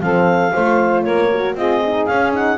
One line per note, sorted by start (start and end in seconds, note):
0.00 0.52 F3
0.00 0.52 C4
0.00 0.53 A4
0.00 1.03 F5
0.53 1.07 A3
0.53 1.31 F4
0.53 1.04 C5
1.03 1.55 A#3
1.03 1.56 A#4
1.03 1.55 C#5
1.32 1.57 F#4
1.55 2.07 C4
1.55 1.83 F4
1.55 2.58 G#4
1.55 2.06 D#5
1.85 2.10 D#4
2.06 2.58 C#4
2.06 2.33 C#4
2.06 2.32 F5
2.33 2.58 D#4
2.33 2.58 F#5